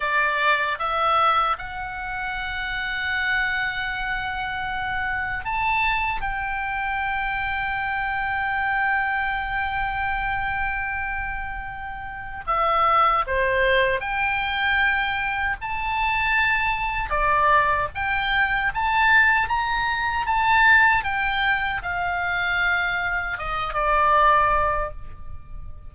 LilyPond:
\new Staff \with { instrumentName = "oboe" } { \time 4/4 \tempo 4 = 77 d''4 e''4 fis''2~ | fis''2. a''4 | g''1~ | g''1 |
e''4 c''4 g''2 | a''2 d''4 g''4 | a''4 ais''4 a''4 g''4 | f''2 dis''8 d''4. | }